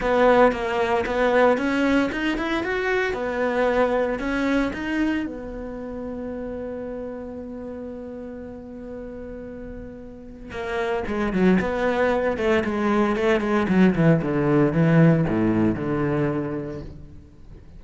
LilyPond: \new Staff \with { instrumentName = "cello" } { \time 4/4 \tempo 4 = 114 b4 ais4 b4 cis'4 | dis'8 e'8 fis'4 b2 | cis'4 dis'4 b2~ | b1~ |
b1 | ais4 gis8 fis8 b4. a8 | gis4 a8 gis8 fis8 e8 d4 | e4 a,4 d2 | }